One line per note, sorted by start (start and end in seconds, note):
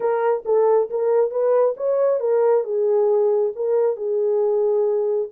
0.00 0.44 A#4
0.45 0.89 A4
0.89 1.30 A#4
1.30 1.74 B4
1.76 2.20 C#5
2.20 2.64 A#4
2.64 3.52 G#4
3.55 3.96 A#4
3.96 5.28 G#4